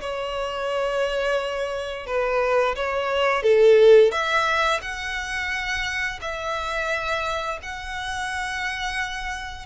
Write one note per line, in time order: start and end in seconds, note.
0.00 2.06 C#5
2.06 2.75 B4
2.76 3.43 C#5
3.43 4.12 A4
4.12 4.81 E5
4.82 6.19 F#5
6.21 7.59 E5
7.62 9.66 F#5